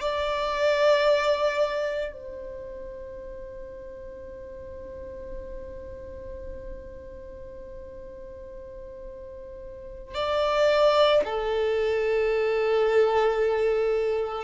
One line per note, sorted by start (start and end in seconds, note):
0.00 2.12 D5
2.12 10.14 C5
10.14 11.22 D5
11.25 14.44 A4